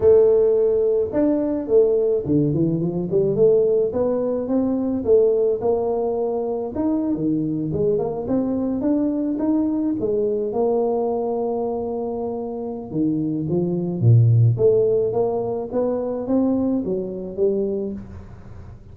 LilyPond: \new Staff \with { instrumentName = "tuba" } { \time 4/4 \tempo 4 = 107 a2 d'4 a4 | d8 e8 f8 g8 a4 b4 | c'4 a4 ais2 | dis'8. dis4 gis8 ais8 c'4 d'16~ |
d'8. dis'4 gis4 ais4~ ais16~ | ais2. dis4 | f4 ais,4 a4 ais4 | b4 c'4 fis4 g4 | }